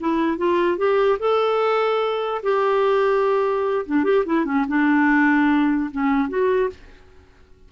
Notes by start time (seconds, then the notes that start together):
0.00 E4
0.37 F4
0.78 G4
1.19 A4
2.43 G4
3.86 D4
4.04 G4
4.26 E4
4.45 C#4
4.68 D4
5.91 C#4
6.29 F#4